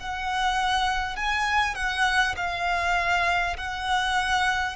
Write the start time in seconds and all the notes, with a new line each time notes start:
0.00 F#5
1.17 G#5
1.76 F#5
2.37 F5
3.58 F#5